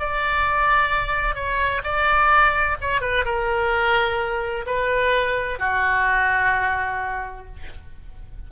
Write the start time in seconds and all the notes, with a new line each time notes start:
0.00 D5
1.36 C#5
1.84 D5
2.81 C#5
3.01 B4
3.25 A#4
4.67 B4
5.60 F#4